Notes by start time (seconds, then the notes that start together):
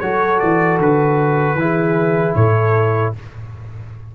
0.00 F#3 F#4 A4 C#5
0.39 E3 D5
0.78 D3 B4
1.55 E3 E4 G#4
2.35 A2 A4 C#5